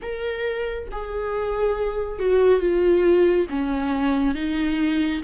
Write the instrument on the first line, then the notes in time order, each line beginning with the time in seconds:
viola
0.02 A#4
0.91 G#4
2.19 F#4
2.60 F4
3.49 C#4
4.34 D#4